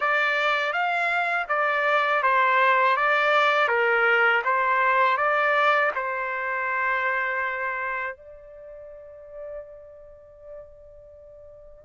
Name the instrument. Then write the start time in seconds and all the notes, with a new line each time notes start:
trumpet
0.00 D5
0.72 F5
1.48 D5
2.23 C5
2.96 D5
3.68 A#4
4.44 C5
5.17 D5
5.95 C5
8.16 D5